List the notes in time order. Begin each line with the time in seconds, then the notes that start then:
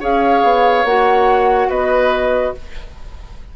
0.00 C#4 G#4 C#5 F5
0.43 B3
0.84 A#3 F#4 F#5
1.69 B3 B4 D#5